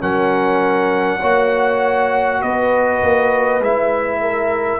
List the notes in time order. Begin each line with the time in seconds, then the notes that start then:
0.00 F#3 C#4 A#4 F#5
1.20 A#3 F#4 C#5
2.41 B3 B4 D#5
3.02 A#3
3.60 G#3 E4 E5
4.21 A#4